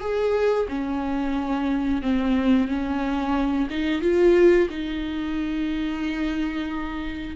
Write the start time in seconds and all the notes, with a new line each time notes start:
0.00 G#4
0.69 C#4
2.02 C4
2.68 C#4
3.70 D#4
4.02 F4
4.70 D#4